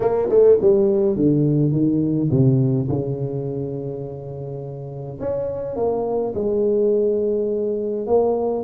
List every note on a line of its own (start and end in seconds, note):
0.00 0.28 A#3
0.29 0.57 A3
0.61 1.15 G3
1.15 1.72 D3
1.72 2.29 D#3
2.30 2.87 C3
2.88 5.19 C#3
5.20 5.76 C#4
5.76 6.33 A#3
6.34 8.06 G#3
8.06 8.64 A#3